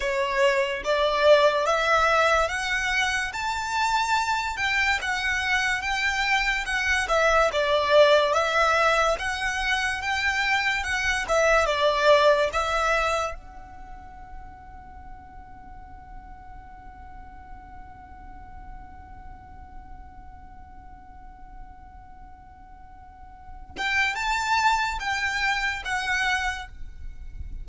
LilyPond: \new Staff \with { instrumentName = "violin" } { \time 4/4 \tempo 4 = 72 cis''4 d''4 e''4 fis''4 | a''4. g''8 fis''4 g''4 | fis''8 e''8 d''4 e''4 fis''4 | g''4 fis''8 e''8 d''4 e''4 |
fis''1~ | fis''1~ | fis''1~ | fis''8 g''8 a''4 g''4 fis''4 | }